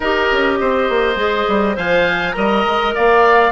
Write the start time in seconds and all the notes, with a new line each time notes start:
0.00 D#4 G4 A#4 D#5
0.32 C#4
0.60 C4 C5
0.89 A#3
1.15 G#3 G#4
1.47 G3
1.73 F3 C5 F5 G#5
2.32 G3 A#4 D#5 A#5
2.65 G#3
2.94 A#3 D5 F5